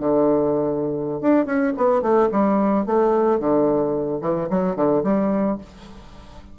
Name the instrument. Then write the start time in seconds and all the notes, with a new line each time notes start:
bassoon
0.00 D3
1.21 D4
1.46 C#4
1.78 B3
2.02 A3
2.32 G3
2.86 A3
3.40 D3
4.22 E3
4.50 F#3
4.76 D3
5.04 G3